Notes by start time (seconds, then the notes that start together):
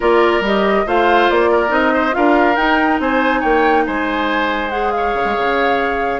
0.00 A#3 F4 A#4 D5
0.40 G3 G4 D#5
0.86 A3 F4 C5 F5
1.30 A#3 D5
1.51 A#4
1.68 C4 D#4 D#5
1.93 C5
2.12 D4 F4 A#4 F5
2.56 D#4 G5
2.99 C4 C5 G#5
3.40 A#3 C#5 G5
3.86 G#3 C5 G#5
4.69 G#4 F#5
4.91 C#5 F5
5.14 C#3
5.25 G#3
5.37 C#3